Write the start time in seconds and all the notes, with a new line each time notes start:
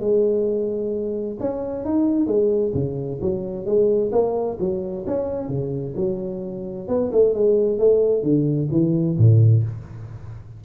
0.00 G#3
1.40 C#4
1.84 D#4
2.27 G#3
2.74 C#3
3.21 F#3
3.65 G#3
4.12 A#3
4.59 F#3
5.07 C#4
5.48 C#3
5.96 F#3
6.88 B3
7.12 A3
7.34 G#3
7.79 A3
8.23 D3
8.71 E3
9.17 A2